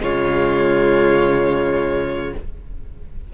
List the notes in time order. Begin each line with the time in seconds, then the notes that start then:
0.00 C#3 G#3 F4 C#5